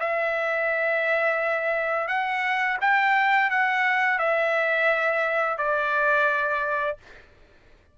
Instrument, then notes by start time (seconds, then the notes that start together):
trumpet
0.00 E5
2.08 F#5
2.81 G5
3.50 F#5
4.19 E5
5.58 D5